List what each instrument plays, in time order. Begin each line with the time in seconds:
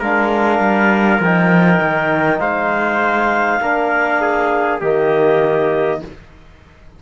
0.00 cello G#3, trombone D4, trumpet A#4, clarinet F5
0.59 cello G3
1.20 cello F3, trombone D#4, clarinet G5
1.80 cello D#3
2.39 cello G#3, trumpet C5, clarinet F5
3.62 cello A#3, trombone D4, trumpet A#4
4.21 trumpet G#4
4.80 cello D#3, trombone A#3, trumpet G4, clarinet D#5